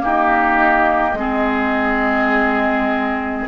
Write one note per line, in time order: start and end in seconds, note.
0.00 1.15 A#3
0.00 1.14 D#4
0.00 1.19 G4
0.00 3.49 D#5
1.14 3.45 G#3
1.14 3.49 C4
1.14 3.49 G#4